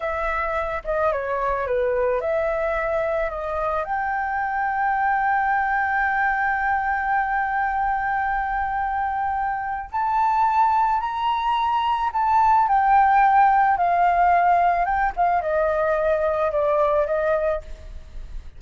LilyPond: \new Staff \with { instrumentName = "flute" } { \time 4/4 \tempo 4 = 109 e''4. dis''8 cis''4 b'4 | e''2 dis''4 g''4~ | g''1~ | g''1~ |
g''2 a''2 | ais''2 a''4 g''4~ | g''4 f''2 g''8 f''8 | dis''2 d''4 dis''4 | }